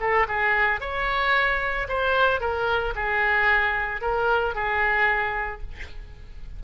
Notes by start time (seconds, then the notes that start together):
0.00 A4
0.28 G#4
0.80 C#5
1.88 C5
2.40 A#4
2.95 G#4
4.01 A#4
4.54 G#4